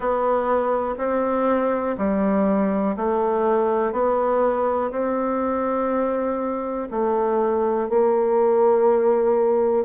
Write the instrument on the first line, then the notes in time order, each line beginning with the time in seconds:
bassoon
0.00 B3
0.97 C4
1.97 G3
2.96 A3
3.92 B3
4.91 C4
6.91 A3
7.89 A#3